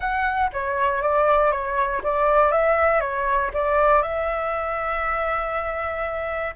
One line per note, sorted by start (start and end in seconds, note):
0.00 0.50 F#5
0.52 1.02 C#5
1.02 1.51 D5
1.51 2.02 C#5
2.03 2.51 D5
2.51 3.00 E5
3.00 3.50 C#5
3.53 4.02 D5
4.02 6.54 E5